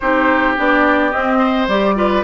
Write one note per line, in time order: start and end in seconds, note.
0.00 0.57 C4
0.00 0.57 D#4
0.00 1.38 G4
0.00 0.54 C5
0.57 1.13 B3
0.57 1.12 D4
0.57 1.10 D5
1.10 1.68 C4
1.10 1.67 C4
1.10 1.66 D#5
1.38 1.94 C5
1.67 2.23 G3
1.67 1.95 G4
1.67 2.23 D5
1.95 2.23 F4
1.95 2.23 B4